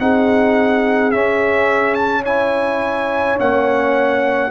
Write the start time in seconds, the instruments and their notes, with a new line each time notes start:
0.00 tuba C4, trombone D#4, horn G#4, trumpet F#5
1.12 trombone C#4, tuba C#4, trumpet E5
1.95 trumpet A5
2.23 trombone E4, horn C#5, trumpet G#5
3.38 tuba A#3, trombone C#4, trumpet F#5